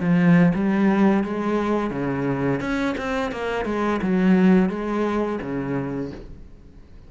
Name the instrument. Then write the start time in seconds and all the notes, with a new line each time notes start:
cello
0.00 F3
0.55 G3
1.24 G#3
1.91 C#3
2.61 C#4
2.98 C4
3.32 A#3
3.65 G#3
4.02 F#3
4.69 G#3
5.42 C#3